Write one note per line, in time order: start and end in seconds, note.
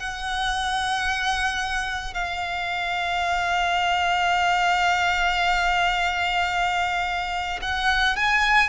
0.00 2.14 F#5
2.14 7.60 F5
7.62 8.17 F#5
8.17 8.69 G#5